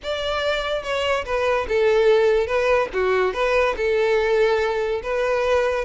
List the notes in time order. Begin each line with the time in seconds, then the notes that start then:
0.03 D5
0.83 C#5
1.25 B4
1.68 A4
2.46 B4
2.93 F#4
3.33 B4
3.76 A4
5.02 B4